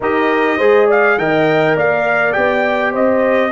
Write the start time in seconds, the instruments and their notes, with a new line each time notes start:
0.00 tuba D#4, trombone G4, horn A#4, trumpet D#5
0.57 tuba G#3, trombone G#4, horn C5
0.86 horn D5, trumpet F5
1.18 tuba D#3, trombone A#4, horn D#5, trumpet G5
1.76 tuba A#3, horn D5, trumpet F5
2.33 tuba B3, trombone G4, trumpet G5
2.91 tuba C4, horn C5, trumpet D#5